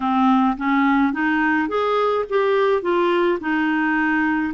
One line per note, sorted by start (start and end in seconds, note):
0.00 0.56 C4
0.57 1.13 C#4
1.13 1.68 D#4
1.68 2.24 G#4
2.29 2.81 G4
2.81 3.38 F4
3.40 4.53 D#4